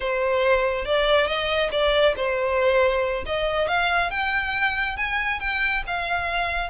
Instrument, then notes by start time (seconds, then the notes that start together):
violin
0.00 C5
0.85 D5
1.26 D#5
1.71 D5
2.16 C5
3.26 D#5
3.67 F5
4.10 G5
4.97 G#5
5.40 G5
5.86 F5